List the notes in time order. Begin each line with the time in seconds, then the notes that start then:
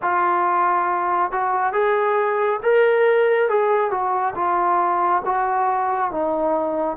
0.02 F4
1.31 F#4
1.72 G#4
2.62 A#4
3.49 G#4
3.90 F#4
4.35 F4
5.25 F#4
6.11 D#4